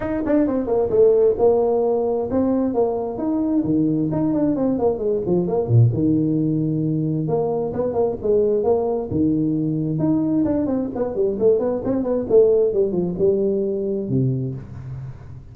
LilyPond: \new Staff \with { instrumentName = "tuba" } { \time 4/4 \tempo 4 = 132 dis'8 d'8 c'8 ais8 a4 ais4~ | ais4 c'4 ais4 dis'4 | dis4 dis'8 d'8 c'8 ais8 gis8 f8 | ais8 ais,8 dis2. |
ais4 b8 ais8 gis4 ais4 | dis2 dis'4 d'8 c'8 | b8 g8 a8 b8 c'8 b8 a4 | g8 f8 g2 c4 | }